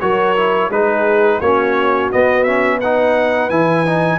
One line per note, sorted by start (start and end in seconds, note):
0.00 0.69 F#3
0.00 0.36 F#4
0.00 0.70 A#4
0.00 0.70 C#5
0.36 0.71 E4
0.69 1.39 G#3
0.69 1.42 D#4
0.69 1.39 G#4
0.69 1.40 B4
1.39 2.10 A#3
1.39 2.12 C#4
1.39 2.78 F#4
1.39 2.10 C#5
2.11 2.46 B3
2.11 3.50 B3
2.11 2.43 D#5
2.43 2.81 C#4
2.43 2.78 E5
2.78 3.50 D#4
2.78 4.18 B4
2.78 3.49 F#5
3.49 4.19 E3
3.49 3.85 E4
3.49 4.19 G#5
3.85 4.19 D#4